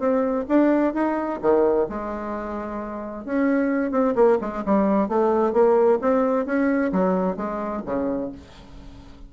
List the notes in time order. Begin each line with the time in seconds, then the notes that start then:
0.00 C4
0.49 D4
0.94 D#4
1.42 D#3
1.89 G#3
3.26 C#4
3.92 C4
4.16 A#3
4.41 G#3
4.66 G3
5.09 A3
5.53 A#3
6.02 C4
6.46 C#4
6.93 F#3
7.37 G#3
7.86 C#3